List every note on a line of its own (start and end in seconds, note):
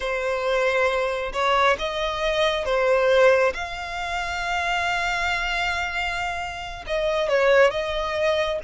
0.00 1.32 C5
1.32 1.76 C#5
1.78 2.65 D#5
2.65 3.53 C5
3.54 6.85 F5
6.86 7.28 D#5
7.28 7.70 C#5
7.70 8.59 D#5